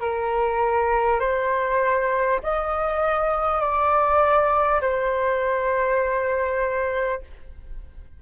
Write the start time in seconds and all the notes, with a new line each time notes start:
0.00 A#4
1.19 C5
2.43 D#5
3.60 D5
4.81 C5